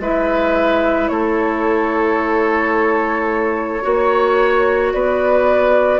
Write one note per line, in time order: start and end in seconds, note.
0.00 1.09 G#3
0.00 3.82 E4
0.00 1.11 B4
0.00 1.08 E5
1.08 3.83 A3
1.08 3.84 A4
1.08 4.90 C#5
3.82 4.93 A#3
3.82 6.00 F#4
3.82 4.93 C#5
4.93 6.00 B3
4.93 6.00 B4
4.93 6.00 D5